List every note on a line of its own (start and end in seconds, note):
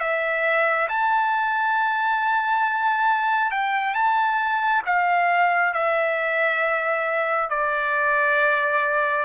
0.00 0.88 E5
0.89 3.51 A5
3.51 3.94 G5
3.94 4.82 A5
4.86 5.74 F5
5.74 7.50 E5
7.50 9.25 D5